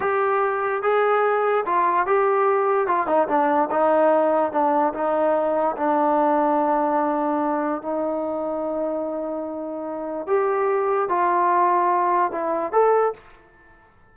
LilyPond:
\new Staff \with { instrumentName = "trombone" } { \time 4/4 \tempo 4 = 146 g'2 gis'2 | f'4 g'2 f'8 dis'8 | d'4 dis'2 d'4 | dis'2 d'2~ |
d'2. dis'4~ | dis'1~ | dis'4 g'2 f'4~ | f'2 e'4 a'4 | }